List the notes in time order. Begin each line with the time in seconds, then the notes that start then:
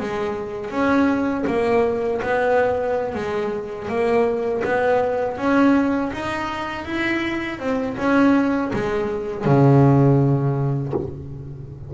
0.00 G#3
0.70 C#4
1.47 A#3
2.22 B3
3.15 G#3
3.88 A#3
4.64 B3
5.37 C#4
6.12 D#4
6.85 E4
7.59 C4
7.97 C#4
8.73 G#3
9.45 C#3